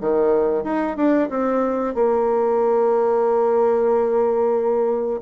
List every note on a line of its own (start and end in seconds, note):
0.00 0.64 D#3
0.64 0.96 D#4
0.96 1.29 D4
1.30 1.94 C4
1.94 5.20 A#3